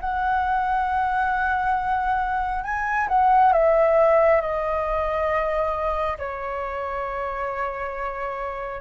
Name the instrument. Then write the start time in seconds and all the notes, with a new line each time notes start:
flute
0.00 F#5
2.64 G#5
3.08 F#5
3.53 E5
4.41 D#5
6.18 C#5